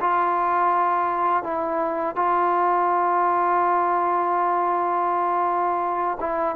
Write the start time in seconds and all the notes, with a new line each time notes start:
0.00 F4
1.43 E4
2.15 F4
6.20 E4